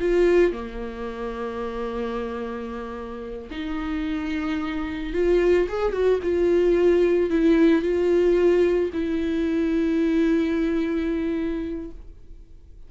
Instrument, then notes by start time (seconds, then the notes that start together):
viola
0.00 F4
0.52 A#3
3.51 D#4
5.13 F4
5.69 G#4
5.93 F#4
6.23 F4
7.30 E4
7.82 F4
8.93 E4